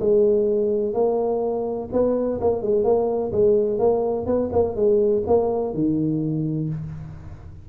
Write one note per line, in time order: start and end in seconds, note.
0.00 0.94 G#3
0.94 1.89 A#3
1.93 2.40 B3
2.41 2.62 A#3
2.62 2.84 G#3
2.84 3.32 A#3
3.32 3.79 G#3
3.79 4.26 A#3
4.26 4.50 B3
4.53 4.76 A#3
4.76 5.24 G#3
5.27 5.74 A#3
5.74 6.69 D#3